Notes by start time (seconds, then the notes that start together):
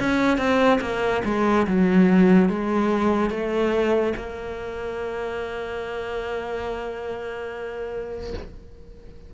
0.00 C#4
0.38 C4
0.81 A#3
1.25 G#3
1.67 F#3
2.49 G#3
3.30 A3
4.17 A#3